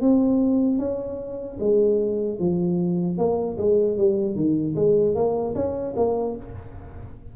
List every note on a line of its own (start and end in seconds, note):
0.00 0.79 C4
0.79 1.58 C#4
1.60 2.39 G#3
2.39 3.18 F3
3.18 3.57 A#3
3.57 3.97 G#3
3.97 4.35 G3
4.35 4.74 D#3
4.75 5.15 G#3
5.15 5.54 A#3
5.54 5.94 C#4
5.96 6.36 A#3